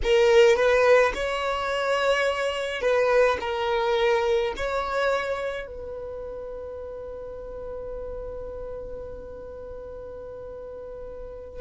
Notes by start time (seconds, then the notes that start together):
0.03 A#4
0.56 B4
1.14 C#5
2.80 B4
3.40 A#4
4.56 C#5
5.67 B4